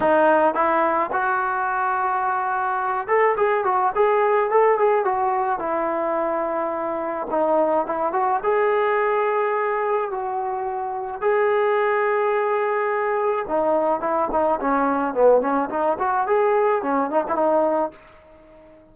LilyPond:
\new Staff \with { instrumentName = "trombone" } { \time 4/4 \tempo 4 = 107 dis'4 e'4 fis'2~ | fis'4. a'8 gis'8 fis'8 gis'4 | a'8 gis'8 fis'4 e'2~ | e'4 dis'4 e'8 fis'8 gis'4~ |
gis'2 fis'2 | gis'1 | dis'4 e'8 dis'8 cis'4 b8 cis'8 | dis'8 fis'8 gis'4 cis'8 dis'16 e'16 dis'4 | }